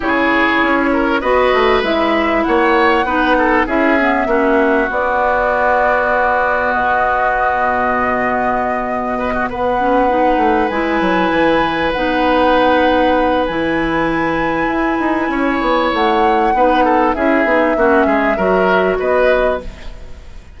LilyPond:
<<
  \new Staff \with { instrumentName = "flute" } { \time 4/4 \tempo 4 = 98 cis''2 dis''4 e''4 | fis''2 e''2 | d''2. dis''4~ | dis''2.~ dis''8 fis''8~ |
fis''4. gis''2 fis''8~ | fis''2 gis''2~ | gis''2 fis''2 | e''2. dis''4 | }
  \new Staff \with { instrumentName = "oboe" } { \time 4/4 gis'4. ais'8 b'2 | cis''4 b'8 a'8 gis'4 fis'4~ | fis'1~ | fis'2. b'16 fis'16 b'8~ |
b'1~ | b'1~ | b'4 cis''2 b'8 a'8 | gis'4 fis'8 gis'8 ais'4 b'4 | }
  \new Staff \with { instrumentName = "clarinet" } { \time 4/4 e'2 fis'4 e'4~ | e'4 dis'4 e'8 b8 cis'4 | b1~ | b1 |
cis'8 dis'4 e'2 dis'8~ | dis'2 e'2~ | e'2. dis'4 | e'8 dis'8 cis'4 fis'2 | }
  \new Staff \with { instrumentName = "bassoon" } { \time 4/4 cis4 cis'4 b8 a8 gis4 | ais4 b4 cis'4 ais4 | b2. b,4~ | b,2.~ b,8 b8~ |
b4 a8 gis8 fis8 e4 b8~ | b2 e2 | e'8 dis'8 cis'8 b8 a4 b4 | cis'8 b8 ais8 gis8 fis4 b4 | }
>>